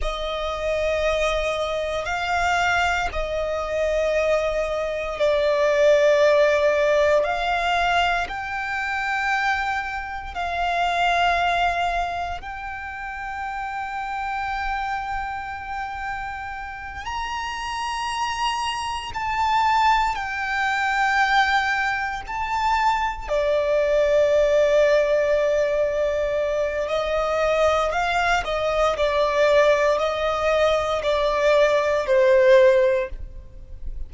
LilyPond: \new Staff \with { instrumentName = "violin" } { \time 4/4 \tempo 4 = 58 dis''2 f''4 dis''4~ | dis''4 d''2 f''4 | g''2 f''2 | g''1~ |
g''8 ais''2 a''4 g''8~ | g''4. a''4 d''4.~ | d''2 dis''4 f''8 dis''8 | d''4 dis''4 d''4 c''4 | }